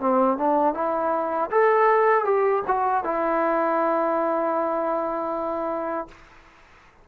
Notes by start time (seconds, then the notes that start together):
0.00 C4
0.38 D4
0.74 E4
1.51 A4
2.25 G4
2.67 F#4
3.04 E4